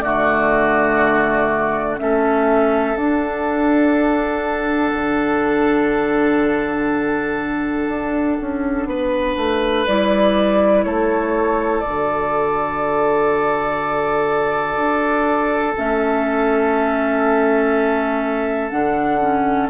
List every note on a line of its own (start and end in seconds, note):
0.00 2.00 D3
0.00 1.98 A3
0.00 2.00 F#4
0.00 1.97 D5
1.98 2.95 A3
1.98 2.96 C#4
1.98 8.89 A4
1.98 2.96 E5
2.95 4.92 D4
2.95 9.87 D4
2.95 9.85 F#5
4.93 7.88 D3
7.88 8.37 D4
8.40 8.86 C#4
8.86 9.35 B3
8.86 10.85 B4
9.36 9.85 A3
9.86 10.85 G3
9.86 11.84 E4
9.86 10.83 D5
10.83 11.83 A3
10.83 19.70 A4
10.83 11.80 C#5
11.80 15.76 F#4
11.80 15.74 D5
11.86 14.76 D3
14.76 15.74 D4
15.76 18.72 A3
15.76 18.71 C#4
15.76 18.69 E5
18.69 19.70 D3
18.69 19.20 D4
18.69 19.67 F#5
19.21 19.70 C#4